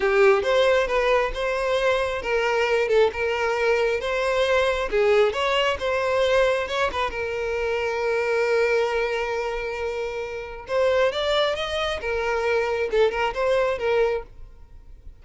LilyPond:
\new Staff \with { instrumentName = "violin" } { \time 4/4 \tempo 4 = 135 g'4 c''4 b'4 c''4~ | c''4 ais'4. a'8 ais'4~ | ais'4 c''2 gis'4 | cis''4 c''2 cis''8 b'8 |
ais'1~ | ais'1 | c''4 d''4 dis''4 ais'4~ | ais'4 a'8 ais'8 c''4 ais'4 | }